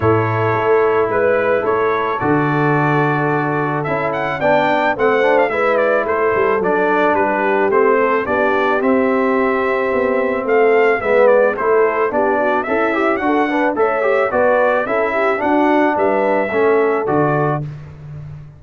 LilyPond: <<
  \new Staff \with { instrumentName = "trumpet" } { \time 4/4 \tempo 4 = 109 cis''2 b'4 cis''4 | d''2. e''8 fis''8 | g''4 fis''8. f''16 e''8 d''8 c''4 | d''4 b'4 c''4 d''4 |
e''2. f''4 | e''8 d''8 c''4 d''4 e''4 | fis''4 e''4 d''4 e''4 | fis''4 e''2 d''4 | }
  \new Staff \with { instrumentName = "horn" } { \time 4/4 a'2 b'4 a'4~ | a'1 | d''4 c''4 b'4 a'4~ | a'4 g'4. a'8 g'4~ |
g'2. a'4 | b'4 a'4 g'8 fis'8 e'4 | a'8 b'8 cis''4 b'4 a'8 g'8 | fis'4 b'4 a'2 | }
  \new Staff \with { instrumentName = "trombone" } { \time 4/4 e'1 | fis'2. e'4 | d'4 c'8 d'8 e'2 | d'2 c'4 d'4 |
c'1 | b4 e'4 d'4 a'8 g'8 | fis'8 d'8 a'8 g'8 fis'4 e'4 | d'2 cis'4 fis'4 | }
  \new Staff \with { instrumentName = "tuba" } { \time 4/4 a,4 a4 gis4 a4 | d2. cis'4 | b4 a4 gis4 a8 g8 | fis4 g4 a4 b4 |
c'2 b4 a4 | gis4 a4 b4 cis'4 | d'4 a4 b4 cis'4 | d'4 g4 a4 d4 | }
>>